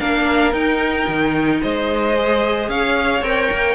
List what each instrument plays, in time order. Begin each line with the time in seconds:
0.00 cello A#3, viola D4, violin A#4 F5
0.53 cello D#4, viola D#4, violin G5
1.08 cello D#3
1.62 cello G#3, violin C5 D#5
2.16 viola G#4
2.69 cello C#4, violin C#5 F5
3.22 cello C4, viola A#4, violin G5
3.52 cello A#3